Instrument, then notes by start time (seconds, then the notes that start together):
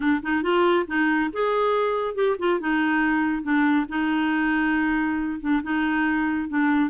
clarinet
0.00 D4
0.22 D#4
0.42 F4
0.87 D#4
1.32 G#4
2.14 G4
2.38 F4
2.60 D#4
3.43 D4
3.88 D#4
5.40 D4
5.62 D#4
6.48 D4